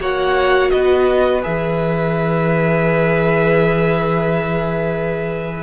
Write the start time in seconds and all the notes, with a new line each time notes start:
0.00 A#3 F#4 C#5 F#5
0.71 B3 B4 D#5
1.42 E3 G#4 E5